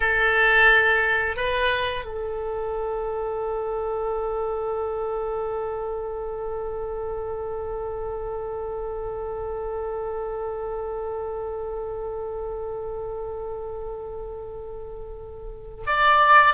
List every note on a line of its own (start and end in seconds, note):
0.00 1.36 A4
1.36 2.05 B4
2.05 15.84 A4
15.86 16.54 D5